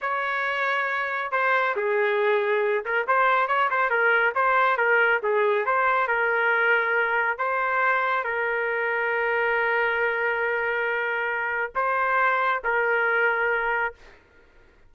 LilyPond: \new Staff \with { instrumentName = "trumpet" } { \time 4/4 \tempo 4 = 138 cis''2. c''4 | gis'2~ gis'8 ais'8 c''4 | cis''8 c''8 ais'4 c''4 ais'4 | gis'4 c''4 ais'2~ |
ais'4 c''2 ais'4~ | ais'1~ | ais'2. c''4~ | c''4 ais'2. | }